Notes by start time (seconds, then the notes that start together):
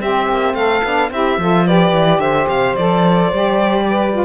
0.00 C4 G4 E5
0.29 A#3
0.54 A3 A4 F5
0.83 B3 D4
1.11 C4 E4 G4 E5
1.38 F3 F4 A4
1.65 G4 B4 D5
1.93 E3
2.19 D3 C5 E5
2.48 C3 F5
2.76 F3 A4 D5
3.32 G3 G4
3.90 B4
4.13 F4